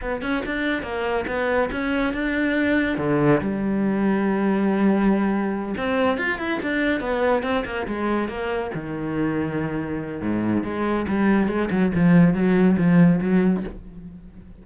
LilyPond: \new Staff \with { instrumentName = "cello" } { \time 4/4 \tempo 4 = 141 b8 cis'8 d'4 ais4 b4 | cis'4 d'2 d4 | g1~ | g4. c'4 f'8 e'8 d'8~ |
d'8 b4 c'8 ais8 gis4 ais8~ | ais8 dis2.~ dis8 | gis,4 gis4 g4 gis8 fis8 | f4 fis4 f4 fis4 | }